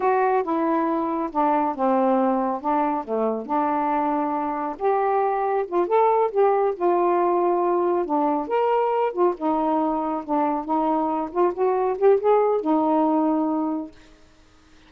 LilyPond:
\new Staff \with { instrumentName = "saxophone" } { \time 4/4 \tempo 4 = 138 fis'4 e'2 d'4 | c'2 d'4 a4 | d'2. g'4~ | g'4 f'8 a'4 g'4 f'8~ |
f'2~ f'8 d'4 ais'8~ | ais'4 f'8 dis'2 d'8~ | d'8 dis'4. f'8 fis'4 g'8 | gis'4 dis'2. | }